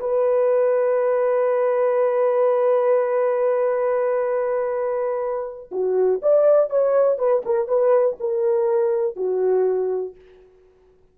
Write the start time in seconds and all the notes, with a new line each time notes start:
0.00 B4
5.71 F#4
6.22 D5
6.70 C#5
7.19 B4
7.46 A#4
7.68 B4
8.20 A#4
9.16 F#4